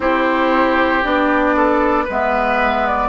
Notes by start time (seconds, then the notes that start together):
0.00 C4 E4 G4 C5
1.03 B3 D4 D5
1.56 A4
2.04 G#3 B4
2.10 B3 E5
2.86 D5